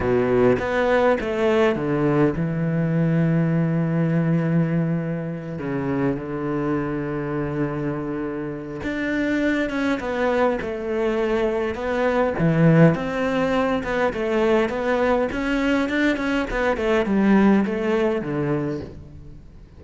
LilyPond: \new Staff \with { instrumentName = "cello" } { \time 4/4 \tempo 4 = 102 b,4 b4 a4 d4 | e1~ | e4. cis4 d4.~ | d2. d'4~ |
d'8 cis'8 b4 a2 | b4 e4 c'4. b8 | a4 b4 cis'4 d'8 cis'8 | b8 a8 g4 a4 d4 | }